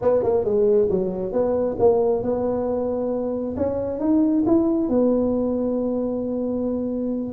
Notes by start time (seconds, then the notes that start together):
0.01 B3
0.22 A#3
0.44 G#3
0.90 F#3
1.32 B3
1.79 A#3
2.22 B3
3.56 C#4
3.99 D#4
4.46 E4
4.88 B3